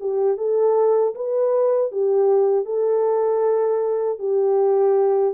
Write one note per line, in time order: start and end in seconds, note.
0.00 0.37 G4
0.37 1.14 A4
1.15 1.92 B4
1.92 2.65 G4
2.65 4.19 A4
4.19 5.34 G4